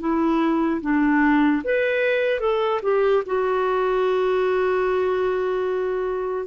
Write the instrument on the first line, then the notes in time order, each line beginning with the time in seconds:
clarinet
0.00 E4
0.81 D4
1.64 B4
2.40 A4
2.82 G4
3.26 F#4